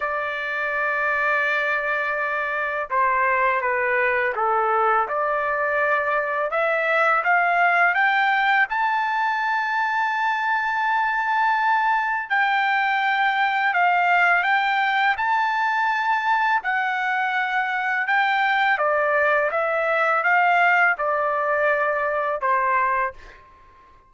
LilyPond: \new Staff \with { instrumentName = "trumpet" } { \time 4/4 \tempo 4 = 83 d''1 | c''4 b'4 a'4 d''4~ | d''4 e''4 f''4 g''4 | a''1~ |
a''4 g''2 f''4 | g''4 a''2 fis''4~ | fis''4 g''4 d''4 e''4 | f''4 d''2 c''4 | }